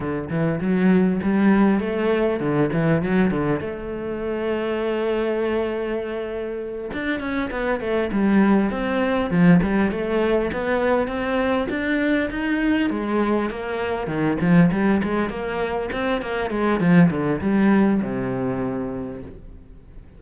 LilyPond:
\new Staff \with { instrumentName = "cello" } { \time 4/4 \tempo 4 = 100 d8 e8 fis4 g4 a4 | d8 e8 fis8 d8 a2~ | a2.~ a8 d'8 | cis'8 b8 a8 g4 c'4 f8 |
g8 a4 b4 c'4 d'8~ | d'8 dis'4 gis4 ais4 dis8 | f8 g8 gis8 ais4 c'8 ais8 gis8 | f8 d8 g4 c2 | }